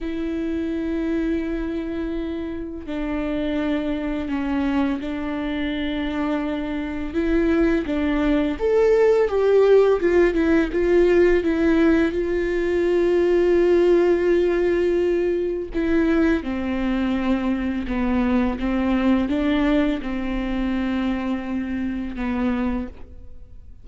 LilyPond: \new Staff \with { instrumentName = "viola" } { \time 4/4 \tempo 4 = 84 e'1 | d'2 cis'4 d'4~ | d'2 e'4 d'4 | a'4 g'4 f'8 e'8 f'4 |
e'4 f'2.~ | f'2 e'4 c'4~ | c'4 b4 c'4 d'4 | c'2. b4 | }